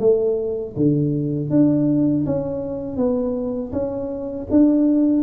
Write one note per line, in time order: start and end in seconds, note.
0.00 0.75 A3
0.77 1.50 D3
1.50 2.25 D4
2.26 2.97 C#4
2.97 3.72 B3
3.73 4.48 C#4
4.51 5.23 D4